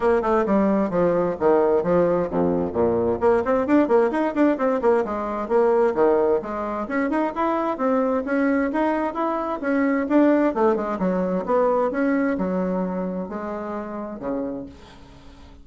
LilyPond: \new Staff \with { instrumentName = "bassoon" } { \time 4/4 \tempo 4 = 131 ais8 a8 g4 f4 dis4 | f4 f,4 ais,4 ais8 c'8 | d'8 ais8 dis'8 d'8 c'8 ais8 gis4 | ais4 dis4 gis4 cis'8 dis'8 |
e'4 c'4 cis'4 dis'4 | e'4 cis'4 d'4 a8 gis8 | fis4 b4 cis'4 fis4~ | fis4 gis2 cis4 | }